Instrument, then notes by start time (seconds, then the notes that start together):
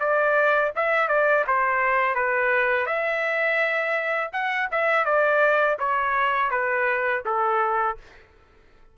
trumpet
0.00 D5
0.77 E5
1.09 D5
1.48 C5
2.16 B4
2.87 E5
4.33 F#5
4.72 E5
5.06 D5
5.79 C#5
6.51 B4
7.26 A4